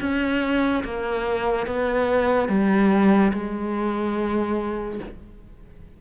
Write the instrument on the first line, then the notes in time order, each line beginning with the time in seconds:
cello
0.00 C#4
0.84 A#3
1.67 B3
2.48 G3
3.33 G#3